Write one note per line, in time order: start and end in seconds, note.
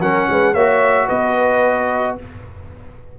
0.00 0.27 F#3
0.00 0.56 C#4
0.00 0.28 A#4
0.00 0.54 F#5
0.30 0.54 G#3
0.30 0.53 B4
0.53 1.08 A#3
0.53 2.19 F#4
0.53 1.06 C#5
0.53 1.08 E5
1.06 2.18 B3
1.06 2.14 B4
1.06 2.17 D#5